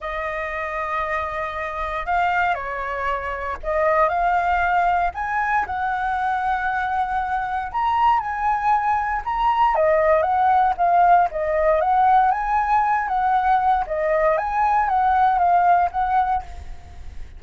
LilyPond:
\new Staff \with { instrumentName = "flute" } { \time 4/4 \tempo 4 = 117 dis''1 | f''4 cis''2 dis''4 | f''2 gis''4 fis''4~ | fis''2. ais''4 |
gis''2 ais''4 dis''4 | fis''4 f''4 dis''4 fis''4 | gis''4. fis''4. dis''4 | gis''4 fis''4 f''4 fis''4 | }